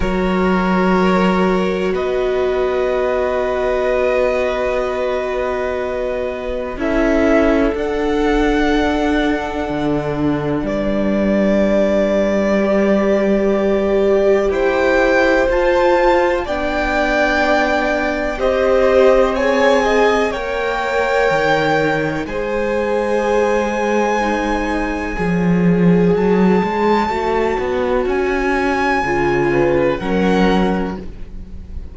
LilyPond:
<<
  \new Staff \with { instrumentName = "violin" } { \time 4/4 \tempo 4 = 62 cis''2 dis''2~ | dis''2. e''4 | fis''2. d''4~ | d''2. g''4 |
a''4 g''2 dis''4 | gis''4 g''2 gis''4~ | gis''2. a''4~ | a''4 gis''2 fis''4 | }
  \new Staff \with { instrumentName = "violin" } { \time 4/4 ais'2 b'2~ | b'2. a'4~ | a'2. b'4~ | b'2. c''4~ |
c''4 d''2 c''4 | cis''8 dis''8 cis''2 c''4~ | c''2 cis''2~ | cis''2~ cis''8 b'8 ais'4 | }
  \new Staff \with { instrumentName = "viola" } { \time 4/4 fis'1~ | fis'2. e'4 | d'1~ | d'4 g'2. |
f'4 d'2 g'4 | gis'4 ais'2 gis'4~ | gis'4 dis'4 gis'2 | fis'2 f'4 cis'4 | }
  \new Staff \with { instrumentName = "cello" } { \time 4/4 fis2 b2~ | b2. cis'4 | d'2 d4 g4~ | g2. e'4 |
f'4 b2 c'4~ | c'4 ais4 dis4 gis4~ | gis2 f4 fis8 gis8 | a8 b8 cis'4 cis4 fis4 | }
>>